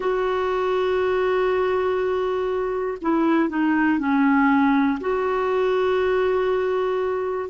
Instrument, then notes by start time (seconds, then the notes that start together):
clarinet
0.00 F#4
3.01 E4
3.49 D#4
3.98 C#4
5.00 F#4